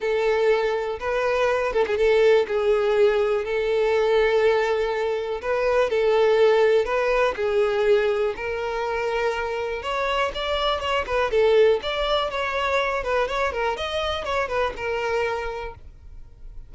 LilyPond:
\new Staff \with { instrumentName = "violin" } { \time 4/4 \tempo 4 = 122 a'2 b'4. a'16 gis'16 | a'4 gis'2 a'4~ | a'2. b'4 | a'2 b'4 gis'4~ |
gis'4 ais'2. | cis''4 d''4 cis''8 b'8 a'4 | d''4 cis''4. b'8 cis''8 ais'8 | dis''4 cis''8 b'8 ais'2 | }